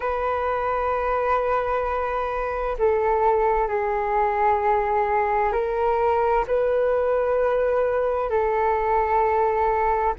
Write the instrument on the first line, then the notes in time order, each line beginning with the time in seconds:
flute
0.00 B4
2.78 A4
3.68 G#4
5.52 A#4
6.47 B4
8.30 A4